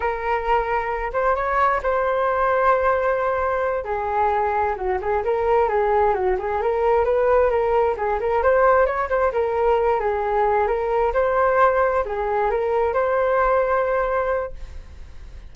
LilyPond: \new Staff \with { instrumentName = "flute" } { \time 4/4 \tempo 4 = 132 ais'2~ ais'8 c''8 cis''4 | c''1~ | c''8 gis'2 fis'8 gis'8 ais'8~ | ais'8 gis'4 fis'8 gis'8 ais'4 b'8~ |
b'8 ais'4 gis'8 ais'8 c''4 cis''8 | c''8 ais'4. gis'4. ais'8~ | ais'8 c''2 gis'4 ais'8~ | ais'8 c''2.~ c''8 | }